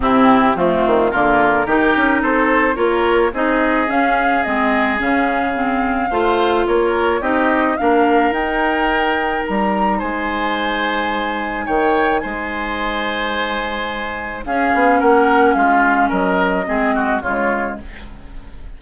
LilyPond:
<<
  \new Staff \with { instrumentName = "flute" } { \time 4/4 \tempo 4 = 108 g'4 f'4 ais'2 | c''4 cis''4 dis''4 f''4 | dis''4 f''2. | cis''4 dis''4 f''4 g''4~ |
g''4 ais''4 gis''2~ | gis''4 g''4 gis''2~ | gis''2 f''4 fis''4 | f''4 dis''2 cis''4 | }
  \new Staff \with { instrumentName = "oboe" } { \time 4/4 e'4 c'4 f'4 g'4 | a'4 ais'4 gis'2~ | gis'2. c''4 | ais'4 g'4 ais'2~ |
ais'2 c''2~ | c''4 cis''4 c''2~ | c''2 gis'4 ais'4 | f'4 ais'4 gis'8 fis'8 f'4 | }
  \new Staff \with { instrumentName = "clarinet" } { \time 4/4 c'4 a4 ais4 dis'4~ | dis'4 f'4 dis'4 cis'4 | c'4 cis'4 c'4 f'4~ | f'4 dis'4 d'4 dis'4~ |
dis'1~ | dis'1~ | dis'2 cis'2~ | cis'2 c'4 gis4 | }
  \new Staff \with { instrumentName = "bassoon" } { \time 4/4 c4 f8 dis8 d4 dis8 cis'8 | c'4 ais4 c'4 cis'4 | gis4 cis2 a4 | ais4 c'4 ais4 dis'4~ |
dis'4 g4 gis2~ | gis4 dis4 gis2~ | gis2 cis'8 b8 ais4 | gis4 fis4 gis4 cis4 | }
>>